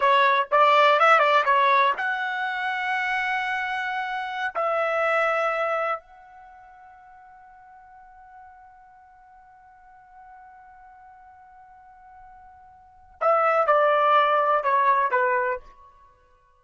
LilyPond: \new Staff \with { instrumentName = "trumpet" } { \time 4/4 \tempo 4 = 123 cis''4 d''4 e''8 d''8 cis''4 | fis''1~ | fis''4~ fis''16 e''2~ e''8.~ | e''16 fis''2.~ fis''8.~ |
fis''1~ | fis''1~ | fis''2. e''4 | d''2 cis''4 b'4 | }